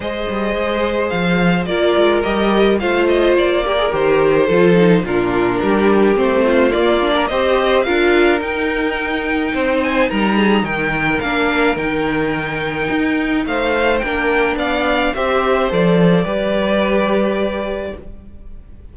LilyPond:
<<
  \new Staff \with { instrumentName = "violin" } { \time 4/4 \tempo 4 = 107 dis''2 f''4 d''4 | dis''4 f''8 dis''8 d''4 c''4~ | c''4 ais'2 c''4 | d''4 dis''4 f''4 g''4~ |
g''4. gis''8 ais''4 g''4 | f''4 g''2. | f''4 g''4 f''4 e''4 | d''1 | }
  \new Staff \with { instrumentName = "violin" } { \time 4/4 c''2. ais'4~ | ais'4 c''4. ais'4. | a'4 f'4 g'4. f'8~ | f'8. ais'16 c''4 ais'2~ |
ais'4 c''4 ais'8 gis'8 ais'4~ | ais'1 | c''4 ais'4 d''4 c''4~ | c''4 b'2. | }
  \new Staff \with { instrumentName = "viola" } { \time 4/4 gis'2. f'4 | g'4 f'4. g'16 gis'16 g'4 | f'8 dis'8 d'2 c'4 | ais8 d'8 g'4 f'4 dis'4~ |
dis'1 | d'4 dis'2.~ | dis'4 d'2 g'4 | a'4 g'2. | }
  \new Staff \with { instrumentName = "cello" } { \time 4/4 gis8 g8 gis4 f4 ais8 gis8 | g4 a4 ais4 dis4 | f4 ais,4 g4 a4 | ais4 c'4 d'4 dis'4~ |
dis'4 c'4 g4 dis4 | ais4 dis2 dis'4 | a4 ais4 b4 c'4 | f4 g2. | }
>>